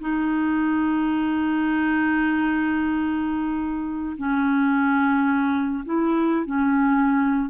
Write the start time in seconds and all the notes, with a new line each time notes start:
0.00 D#4
4.17 C#4
5.85 E4
6.46 C#4